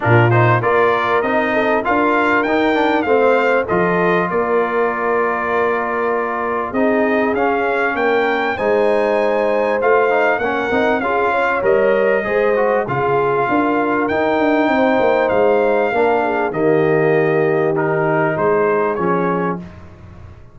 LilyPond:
<<
  \new Staff \with { instrumentName = "trumpet" } { \time 4/4 \tempo 4 = 98 ais'8 c''8 d''4 dis''4 f''4 | g''4 f''4 dis''4 d''4~ | d''2. dis''4 | f''4 g''4 gis''2 |
f''4 fis''4 f''4 dis''4~ | dis''4 f''2 g''4~ | g''4 f''2 dis''4~ | dis''4 ais'4 c''4 cis''4 | }
  \new Staff \with { instrumentName = "horn" } { \time 4/4 f'4 ais'4. a'8 ais'4~ | ais'4 c''4 a'4 ais'4~ | ais'2. gis'4~ | gis'4 ais'4 c''2~ |
c''4 ais'4 gis'8 cis''4. | c''4 gis'4 ais'2 | c''2 ais'8 gis'8 g'4~ | g'2 gis'2 | }
  \new Staff \with { instrumentName = "trombone" } { \time 4/4 d'8 dis'8 f'4 dis'4 f'4 | dis'8 d'8 c'4 f'2~ | f'2. dis'4 | cis'2 dis'2 |
f'8 dis'8 cis'8 dis'8 f'4 ais'4 | gis'8 fis'8 f'2 dis'4~ | dis'2 d'4 ais4~ | ais4 dis'2 cis'4 | }
  \new Staff \with { instrumentName = "tuba" } { \time 4/4 ais,4 ais4 c'4 d'4 | dis'4 a4 f4 ais4~ | ais2. c'4 | cis'4 ais4 gis2 |
a4 ais8 c'8 cis'4 g4 | gis4 cis4 d'4 dis'8 d'8 | c'8 ais8 gis4 ais4 dis4~ | dis2 gis4 f4 | }
>>